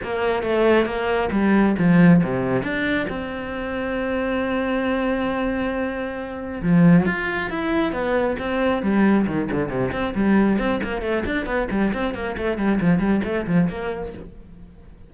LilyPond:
\new Staff \with { instrumentName = "cello" } { \time 4/4 \tempo 4 = 136 ais4 a4 ais4 g4 | f4 c4 d'4 c'4~ | c'1~ | c'2. f4 |
f'4 e'4 b4 c'4 | g4 dis8 d8 c8 c'8 g4 | c'8 ais8 a8 d'8 b8 g8 c'8 ais8 | a8 g8 f8 g8 a8 f8 ais4 | }